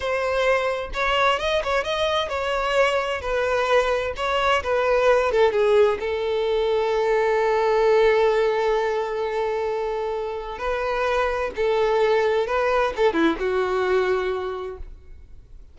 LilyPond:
\new Staff \with { instrumentName = "violin" } { \time 4/4 \tempo 4 = 130 c''2 cis''4 dis''8 cis''8 | dis''4 cis''2 b'4~ | b'4 cis''4 b'4. a'8 | gis'4 a'2.~ |
a'1~ | a'2. b'4~ | b'4 a'2 b'4 | a'8 e'8 fis'2. | }